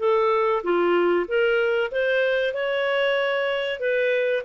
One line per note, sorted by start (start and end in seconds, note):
0.00 0.63 A4
0.64 1.27 F4
1.28 1.91 A#4
1.92 2.54 C5
2.54 3.80 C#5
3.80 4.43 B4